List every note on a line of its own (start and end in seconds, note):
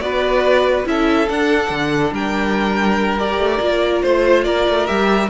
0.00 0.85 B3
0.00 0.85 F#4
0.00 0.88 B4
0.00 0.85 D5
0.85 1.28 C#4
0.85 1.27 E4
0.85 2.13 A4
0.85 1.29 E5
1.28 3.18 D4
1.28 1.70 D4
1.28 2.13 F#5
1.70 2.12 D3
2.12 3.38 G3
2.12 4.02 A#4
2.12 3.18 G5
3.18 3.60 G4
3.18 4.02 D5
3.38 3.59 A3
3.60 4.02 A#3
3.60 4.87 F4
4.02 4.46 A3
4.02 4.44 C5
4.02 4.45 C5
4.44 4.67 A#3
4.44 5.29 A#4
4.44 4.86 D5
4.68 4.89 A3
4.86 5.29 G3
4.86 5.29 G4
4.86 5.29 E5